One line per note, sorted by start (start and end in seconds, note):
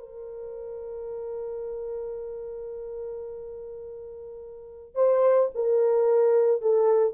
0.00 4.95 A#4
4.95 5.50 C5
5.55 6.62 A#4
6.62 7.14 A4